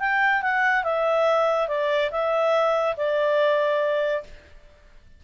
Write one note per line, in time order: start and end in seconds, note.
0.00 0.42 G5
0.42 0.84 F#5
0.84 1.68 E5
1.68 2.11 D5
2.11 2.96 E5
2.97 4.24 D5